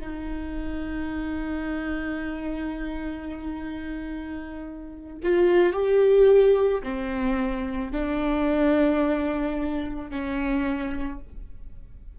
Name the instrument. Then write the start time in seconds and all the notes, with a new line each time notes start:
viola
0.00 D#4
5.24 F4
5.73 G4
6.83 C4
7.92 D4
10.11 C#4